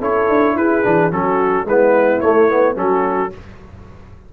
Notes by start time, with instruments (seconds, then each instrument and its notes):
0.00 tuba C#4, trombone E4, horn A4, trumpet C#5
0.29 tuba D4
0.56 tuba E4, horn G#4, trumpet B4
0.83 tuba E3, trombone D4
1.11 tuba F#3, trombone C#4, horn F#4, trumpet A4
1.65 tuba G#3, trombone B3, horn E4, trumpet B4
2.20 trombone A3, tuba A3, trumpet C#5
2.49 trombone B3
2.75 tuba F#3, trombone C#4, horn F#4, trumpet A4